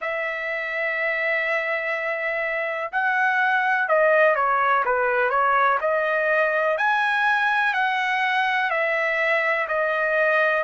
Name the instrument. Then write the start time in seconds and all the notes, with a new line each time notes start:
trumpet
0.00 E5
2.92 F#5
3.88 D#5
4.35 C#5
4.85 B4
5.30 C#5
5.80 D#5
6.77 G#5
7.73 F#5
8.70 E5
9.68 D#5